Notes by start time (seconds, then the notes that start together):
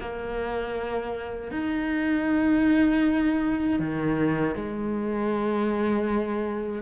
0.00 A#3
1.51 D#4
3.79 D#3
4.55 G#3